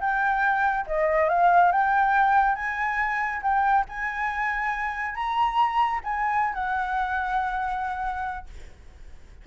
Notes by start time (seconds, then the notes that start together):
0.00 G5
0.86 D#5
1.29 F5
1.72 G5
2.55 G#5
3.42 G5
3.88 G#5
5.15 A#5
6.04 G#5
6.54 F#5